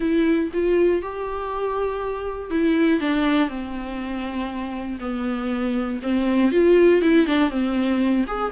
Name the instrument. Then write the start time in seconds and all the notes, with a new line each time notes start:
viola
0.00 E4
0.53 F4
1.02 G4
2.50 E4
3.00 D4
3.49 C4
5.00 B3
6.02 C4
6.51 F4
7.01 E4
7.26 D4
7.50 C4
8.27 G#4